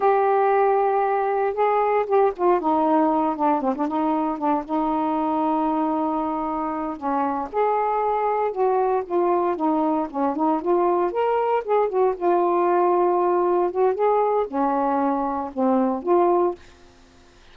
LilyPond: \new Staff \with { instrumentName = "saxophone" } { \time 4/4 \tempo 4 = 116 g'2. gis'4 | g'8 f'8 dis'4. d'8 c'16 d'16 dis'8~ | dis'8 d'8 dis'2.~ | dis'4. cis'4 gis'4.~ |
gis'8 fis'4 f'4 dis'4 cis'8 | dis'8 f'4 ais'4 gis'8 fis'8 f'8~ | f'2~ f'8 fis'8 gis'4 | cis'2 c'4 f'4 | }